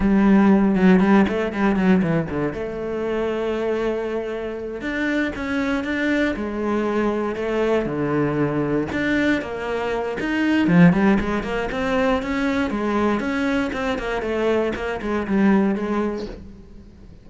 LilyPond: \new Staff \with { instrumentName = "cello" } { \time 4/4 \tempo 4 = 118 g4. fis8 g8 a8 g8 fis8 | e8 d8 a2.~ | a4. d'4 cis'4 d'8~ | d'8 gis2 a4 d8~ |
d4. d'4 ais4. | dis'4 f8 g8 gis8 ais8 c'4 | cis'4 gis4 cis'4 c'8 ais8 | a4 ais8 gis8 g4 gis4 | }